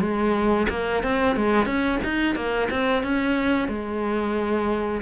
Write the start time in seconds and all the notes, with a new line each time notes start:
0.00 G#3
0.69 A#3
1.03 C4
1.36 G#3
1.65 C#4
2.04 D#4
2.35 A#3
2.70 C4
3.03 C#4
3.68 G#3